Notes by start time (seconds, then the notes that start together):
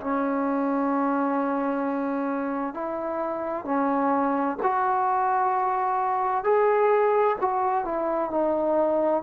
0.00 C#4
2.74 E4
3.65 C#4
4.62 F#4
6.44 G#4
7.40 F#4
7.84 E4
8.30 D#4